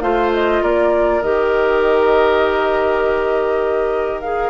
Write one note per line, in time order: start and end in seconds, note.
0.00 0.61 A3
0.00 1.22 F4
0.00 0.62 C5
0.00 0.30 F5
0.33 0.63 D#5
0.62 1.23 A#3
0.62 4.50 A#4
0.62 1.22 D5
1.22 4.50 D#3
1.22 4.23 G4
1.22 4.21 D#5
4.21 4.50 G#4
4.21 4.50 F5